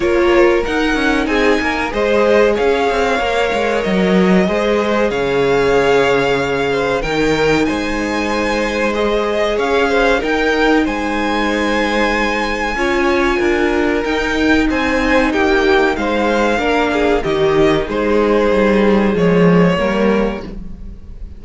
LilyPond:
<<
  \new Staff \with { instrumentName = "violin" } { \time 4/4 \tempo 4 = 94 cis''4 fis''4 gis''4 dis''4 | f''2 dis''2 | f''2. g''4 | gis''2 dis''4 f''4 |
g''4 gis''2.~ | gis''2 g''4 gis''4 | g''4 f''2 dis''4 | c''2 cis''2 | }
  \new Staff \with { instrumentName = "violin" } { \time 4/4 ais'2 gis'8 ais'8 c''4 | cis''2. c''4 | cis''2~ cis''8 c''8 ais'4 | c''2. cis''8 c''8 |
ais'4 c''2. | cis''4 ais'2 c''4 | g'4 c''4 ais'8 gis'8 g'4 | gis'2. ais'4 | }
  \new Staff \with { instrumentName = "viola" } { \time 4/4 f'4 dis'2 gis'4~ | gis'4 ais'2 gis'4~ | gis'2. dis'4~ | dis'2 gis'2 |
dis'1 | f'2 dis'2~ | dis'2 d'4 dis'4~ | dis'2 gis4 ais4 | }
  \new Staff \with { instrumentName = "cello" } { \time 4/4 ais4 dis'8 cis'8 c'8 ais8 gis4 | cis'8 c'8 ais8 gis8 fis4 gis4 | cis2. dis4 | gis2. cis'4 |
dis'4 gis2. | cis'4 d'4 dis'4 c'4 | ais4 gis4 ais4 dis4 | gis4 g4 f4 g4 | }
>>